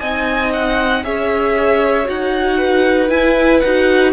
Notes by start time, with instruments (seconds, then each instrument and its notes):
0.00 cello C4, viola D#4, violin D#5 G#5
0.53 violin F#5
1.04 cello C#4, viola G#4, violin C#5 E5
2.05 cello D#4, viola F#4, violin F#5
2.58 violin B4
3.09 viola E4, cello E4, violin G#5
3.60 cello D#4, viola F#4, violin F#5